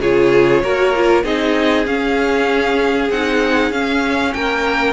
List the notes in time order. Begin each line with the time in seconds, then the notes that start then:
0.00 C#3 F4 G#4 C#5
0.64 A#3 F#4 A#4
0.95 F4
1.23 C4 D#4 G#4 D#5
1.86 C#4 F5
3.10 C4 D#4 F#5
3.71 C#4 F5
4.34 A#3 A#4 G5